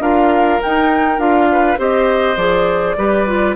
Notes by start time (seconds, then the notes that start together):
0.00 D4 F4 A#4 F5
0.62 D#4 G5
1.19 D4 F4 F5
1.52 B4
1.78 C4 G4 C5 D#5
2.37 F3 G#4 D5
2.97 G3 G4 B4
3.27 F4